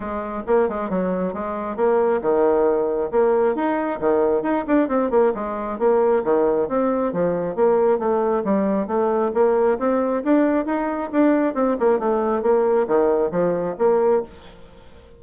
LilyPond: \new Staff \with { instrumentName = "bassoon" } { \time 4/4 \tempo 4 = 135 gis4 ais8 gis8 fis4 gis4 | ais4 dis2 ais4 | dis'4 dis4 dis'8 d'8 c'8 ais8 | gis4 ais4 dis4 c'4 |
f4 ais4 a4 g4 | a4 ais4 c'4 d'4 | dis'4 d'4 c'8 ais8 a4 | ais4 dis4 f4 ais4 | }